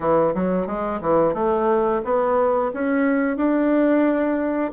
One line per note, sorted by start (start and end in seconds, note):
0.00 0.34 E3
0.34 0.66 F#3
0.66 1.00 G#3
1.01 1.34 E3
1.34 2.01 A3
2.04 2.72 B3
2.73 3.36 C#4
3.36 4.71 D4